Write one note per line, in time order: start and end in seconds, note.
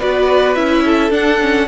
0.00 0.57 B3
0.00 0.56 F#4
0.00 0.84 B4
0.00 0.56 D5
0.56 1.11 C#4
0.56 1.11 E4
0.56 1.12 E5
0.85 1.69 A4
1.11 1.67 D4
1.11 1.39 D4
1.11 1.69 F#5
1.41 1.69 C#4